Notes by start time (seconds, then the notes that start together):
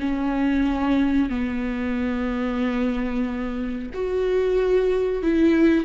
0.00 C#4
1.29 B3
3.94 F#4
5.23 E4